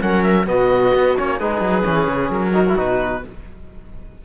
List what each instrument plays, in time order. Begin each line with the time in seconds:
0.00 cello F#3, trombone C#4, viola A#4, oboe F#5
0.23 oboe E5
0.45 cello B2, trombone B3, viola F#4, oboe D#5
0.94 cello B3
1.17 cello A#3, trombone C#4, oboe C#5
1.38 cello G#3, trombone D#4, viola G#4, oboe B4
1.60 cello F#3
1.83 cello E3, trombone C#4
2.07 cello C#3
2.30 cello F#3, oboe A#4
2.52 trombone D#4, viola F#4
2.68 trombone E4
2.76 cello B2, trombone D#4, oboe B4